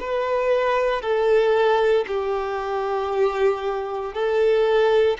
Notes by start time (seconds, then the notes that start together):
0.00 B4
1.01 A4
2.07 G4
4.14 A4